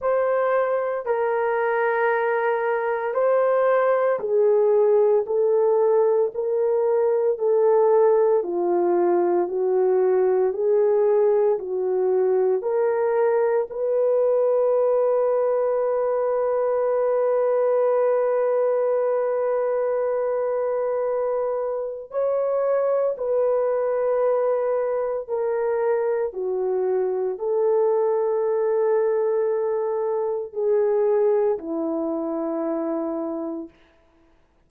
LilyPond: \new Staff \with { instrumentName = "horn" } { \time 4/4 \tempo 4 = 57 c''4 ais'2 c''4 | gis'4 a'4 ais'4 a'4 | f'4 fis'4 gis'4 fis'4 | ais'4 b'2.~ |
b'1~ | b'4 cis''4 b'2 | ais'4 fis'4 a'2~ | a'4 gis'4 e'2 | }